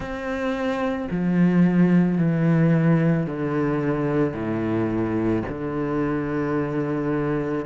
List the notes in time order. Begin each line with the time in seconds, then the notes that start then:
0.00 C4
1.10 F3
2.18 E3
3.26 D3
4.33 A2
5.48 D3